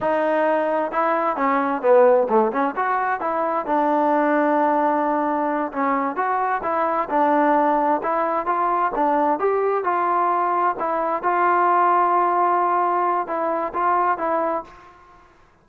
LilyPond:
\new Staff \with { instrumentName = "trombone" } { \time 4/4 \tempo 4 = 131 dis'2 e'4 cis'4 | b4 a8 cis'8 fis'4 e'4 | d'1~ | d'8 cis'4 fis'4 e'4 d'8~ |
d'4. e'4 f'4 d'8~ | d'8 g'4 f'2 e'8~ | e'8 f'2.~ f'8~ | f'4 e'4 f'4 e'4 | }